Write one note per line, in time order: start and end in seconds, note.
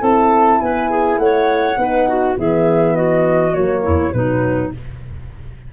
0.00 0.60 C4
0.00 1.76 E4
0.00 0.59 A4
0.00 0.61 A5
0.61 1.18 B3
0.61 0.90 B4
0.61 1.18 G#5
0.90 1.19 G#4
1.18 1.76 A3
1.18 1.80 C#5
1.18 2.36 F#5
1.77 2.36 B3
1.77 2.36 D#4
1.77 2.08 B4
2.08 2.38 F#4
2.37 3.55 E3
2.37 3.53 B3
2.37 2.95 G#4
2.37 2.96 E5
2.95 3.82 F#4
2.95 3.54 D#5
3.53 3.86 F#3
3.53 4.12 A#3
3.53 4.13 C#5
3.82 4.14 E2
3.82 4.12 E4
4.13 4.73 B2
4.13 4.73 F#3
4.13 4.73 D#4
4.13 4.72 B4